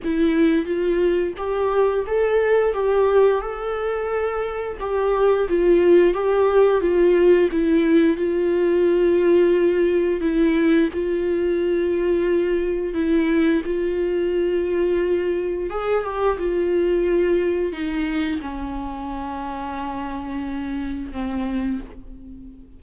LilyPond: \new Staff \with { instrumentName = "viola" } { \time 4/4 \tempo 4 = 88 e'4 f'4 g'4 a'4 | g'4 a'2 g'4 | f'4 g'4 f'4 e'4 | f'2. e'4 |
f'2. e'4 | f'2. gis'8 g'8 | f'2 dis'4 cis'4~ | cis'2. c'4 | }